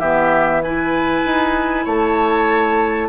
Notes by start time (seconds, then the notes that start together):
0.00 E3 B3 G4 E5
0.63 E4 B4 G#5
1.26 D#4
1.85 A3 C#5 A5